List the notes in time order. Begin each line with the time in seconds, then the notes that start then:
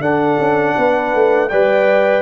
0.00 D4 A4 F#5
0.38 C#4
0.76 B3 B4
1.14 A3
1.49 G3 B4 D5 G5